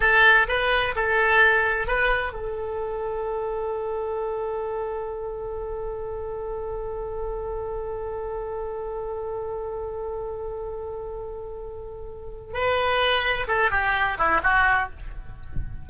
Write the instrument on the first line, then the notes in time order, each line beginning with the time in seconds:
oboe
0.00 A4
0.48 B4
0.95 A4
1.87 B4
2.33 A4
12.53 B4
13.47 A4
13.71 G4
14.18 E4
14.43 F#4